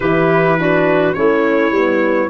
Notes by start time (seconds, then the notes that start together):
0.00 E3 E4 G4 B4
0.59 D4 F#4
1.13 A3 C#4 E4 C#5
1.71 G3 B3